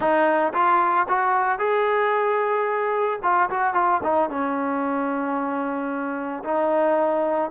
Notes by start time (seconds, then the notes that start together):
0.00 D#4
0.53 F4
1.08 F#4
1.59 G#4
3.23 F4
3.50 F#4
3.74 F4
4.03 D#4
4.29 C#4
6.44 D#4